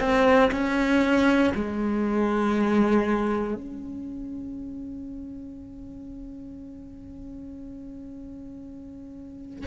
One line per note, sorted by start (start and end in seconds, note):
0.00 0.51 C4
0.51 1.53 C#4
1.55 3.55 G#3
3.55 9.66 C#4